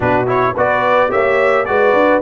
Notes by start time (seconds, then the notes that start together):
0.00 B2 D4 F#4 B4
0.27 E4 C#5
0.53 B3 F#4 B4 D5
1.09 A#3 G4 C#5 E5
1.65 G#3 F#4 B4 D5
1.93 D4